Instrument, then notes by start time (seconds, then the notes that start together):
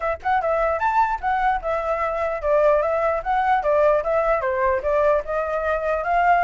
flute
0.00 E5
0.23 F#5
0.41 E5
0.79 A5
1.20 F#5
1.61 E5
2.42 D5
2.82 E5
3.23 F#5
3.62 D5
4.03 E5
4.41 C5
4.82 D5
5.25 D#5
6.04 F5